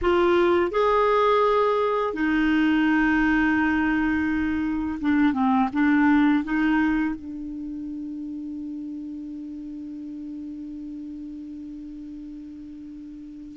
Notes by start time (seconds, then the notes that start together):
0.01 F4
0.71 G#4
2.13 D#4
5.00 D4
5.33 C4
5.72 D4
6.44 D#4
7.15 D4